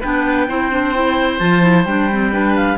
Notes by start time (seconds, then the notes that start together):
0.00 B3 D4 B4 G5
0.48 C4 E4 C5
0.71 D4
0.94 E4
1.39 F3 F4 A5
1.61 E4
1.85 G3 D4 G5
2.11 C4
2.32 D4 B4
2.55 F5